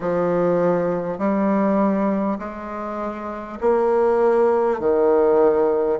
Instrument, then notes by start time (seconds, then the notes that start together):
bassoon
0.00 F3
1.18 G3
2.38 G#3
3.61 A#3
4.79 D#3